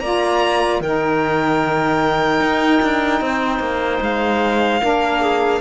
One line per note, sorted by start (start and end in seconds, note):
0.00 0.80 A#3
0.00 0.82 F4
0.00 0.82 D5
0.00 0.80 A#5
0.80 2.40 D#3
0.80 4.81 D#4
0.80 3.22 A#4
0.80 4.03 G5
2.40 2.80 D#4
2.82 3.21 D4
3.21 3.60 C4
3.21 4.82 C5
3.60 4.00 A#3
4.01 4.81 G#3
4.01 5.61 F5
4.81 5.61 A#3
4.81 5.61 D4
4.81 5.21 A#4
5.21 5.61 G#4